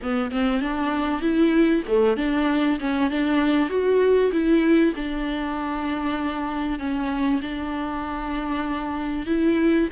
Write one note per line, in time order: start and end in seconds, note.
0.02 0.31 B3
0.31 0.61 C4
0.61 1.21 D4
1.21 1.83 E4
1.87 2.16 A3
2.16 2.78 D4
2.79 3.10 C#4
3.10 3.69 D4
3.69 4.31 F#4
4.32 4.93 E4
4.95 6.79 D4
6.79 7.41 C#4
7.41 9.26 D4
9.26 9.88 E4